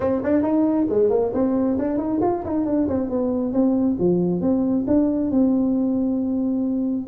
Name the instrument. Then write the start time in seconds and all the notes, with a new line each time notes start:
tuba
0.00 C4
0.23 D4
0.42 D#4
0.89 G#3
1.09 A#3
1.33 C4
1.78 D4
1.97 D#4
2.21 F4
2.44 D#4
2.65 D4
2.88 C4
3.09 B3
3.52 C4
3.99 F3
4.41 C4
4.87 D4
5.31 C4